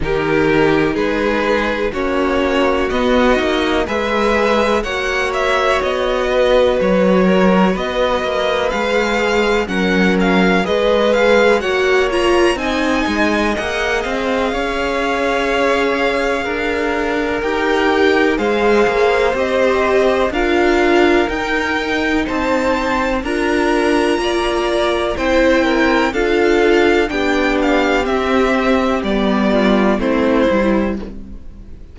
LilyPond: <<
  \new Staff \with { instrumentName = "violin" } { \time 4/4 \tempo 4 = 62 ais'4 b'4 cis''4 dis''4 | e''4 fis''8 e''8 dis''4 cis''4 | dis''4 f''4 fis''8 f''8 dis''8 f''8 | fis''8 ais''8 gis''4 fis''8 f''4.~ |
f''2 g''4 f''4 | dis''4 f''4 g''4 a''4 | ais''2 g''4 f''4 | g''8 f''8 e''4 d''4 c''4 | }
  \new Staff \with { instrumentName = "violin" } { \time 4/4 g'4 gis'4 fis'2 | b'4 cis''4. b'4 ais'8 | b'2 ais'4 b'4 | cis''4 dis''2 cis''4~ |
cis''4 ais'2 c''4~ | c''4 ais'2 c''4 | ais'4 d''4 c''8 ais'8 a'4 | g'2~ g'8 f'8 e'4 | }
  \new Staff \with { instrumentName = "viola" } { \time 4/4 dis'2 cis'4 b8 dis'8 | gis'4 fis'2.~ | fis'4 gis'4 cis'4 gis'4 | fis'8 f'8 dis'4 gis'2~ |
gis'2 g'4 gis'4 | g'4 f'4 dis'2 | f'2 e'4 f'4 | d'4 c'4 b4 c'8 e'8 | }
  \new Staff \with { instrumentName = "cello" } { \time 4/4 dis4 gis4 ais4 b8 ais8 | gis4 ais4 b4 fis4 | b8 ais8 gis4 fis4 gis4 | ais4 c'8 gis8 ais8 c'8 cis'4~ |
cis'4 d'4 dis'4 gis8 ais8 | c'4 d'4 dis'4 c'4 | d'4 ais4 c'4 d'4 | b4 c'4 g4 a8 g8 | }
>>